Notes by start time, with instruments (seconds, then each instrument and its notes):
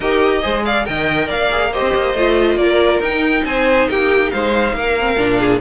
0.00 cello D#4, viola G4, violin A#4 D#5
0.42 cello G#3, viola G#4, violin C5
0.65 violin D5 F5
0.85 cello D#3, viola A#4, violin D#5 G5
1.26 cello A#3, violin D5 F5
1.50 viola G#4
1.72 viola G4, violin C5 D#5
1.81 cello C4
1.94 cello A#3
2.14 cello A3, viola F4
2.56 cello A#3, violin A#4 D5
2.99 cello D#4, viola D#4, violin G5
3.44 cello C4, violin C5 G#5
3.89 cello A#3, violin G4 G5
4.30 cello G#3, violin C5 F5
4.72 cello A#3, violin A#4
4.99 viola C4
5.16 cello A#2, viola D4
5.39 violin G#4